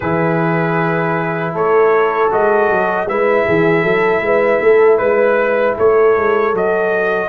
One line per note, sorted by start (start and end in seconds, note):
0.00 1.53 E3
0.00 2.30 E4
0.00 1.53 G#4
0.00 1.54 B4
1.53 2.30 A3
1.53 3.07 A4
1.53 2.32 C#5
2.30 2.69 G#3
2.30 3.07 F#4
2.30 3.08 D#5
2.69 3.05 F#3
3.05 3.44 G#3
3.05 6.53 E4
3.05 3.45 B4
3.05 4.97 E5
3.45 3.83 E3
3.45 3.83 G#4
3.83 4.21 F#3
3.83 4.21 A4
4.21 4.59 G#3
4.21 4.62 B4
4.61 5.00 A3
4.61 4.98 A4
4.97 5.77 G#3
4.97 5.74 B4
4.97 5.75 B4
5.77 6.17 A3
5.77 7.29 A4
5.77 6.55 C#5
6.17 6.53 G#3
6.53 7.29 F#3
6.53 7.29 F#4
6.53 7.29 D#5